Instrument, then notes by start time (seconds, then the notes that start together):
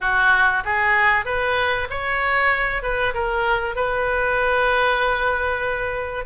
oboe
0.01 F#4
0.64 G#4
1.25 B4
1.89 C#5
2.82 B4
3.13 A#4
3.75 B4